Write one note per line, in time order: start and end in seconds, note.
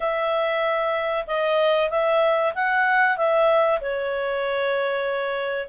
0.00 1.25 E5
1.26 1.89 D#5
1.90 2.53 E5
2.54 3.17 F#5
3.17 3.80 E5
3.81 5.68 C#5